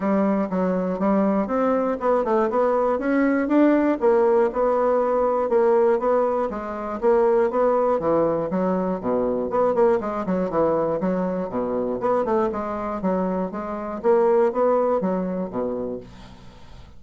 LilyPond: \new Staff \with { instrumentName = "bassoon" } { \time 4/4 \tempo 4 = 120 g4 fis4 g4 c'4 | b8 a8 b4 cis'4 d'4 | ais4 b2 ais4 | b4 gis4 ais4 b4 |
e4 fis4 b,4 b8 ais8 | gis8 fis8 e4 fis4 b,4 | b8 a8 gis4 fis4 gis4 | ais4 b4 fis4 b,4 | }